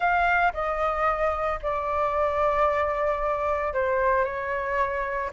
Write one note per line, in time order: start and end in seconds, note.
0.00 0.52 F5
0.53 1.59 D#5
1.62 3.73 D5
3.73 4.24 C5
4.24 5.30 C#5